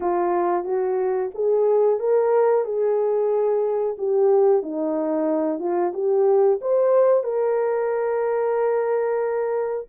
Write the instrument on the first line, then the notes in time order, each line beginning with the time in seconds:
horn
0.00 F4
0.64 F#4
1.34 G#4
1.99 A#4
2.64 G#4
3.98 G4
4.62 D#4
5.59 F4
5.93 G4
6.61 C5
7.23 A#4